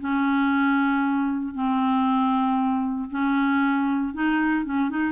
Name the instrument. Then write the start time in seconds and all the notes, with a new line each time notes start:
clarinet
0.00 C#4
1.54 C4
3.10 C#4
4.14 D#4
4.65 C#4
4.90 D#4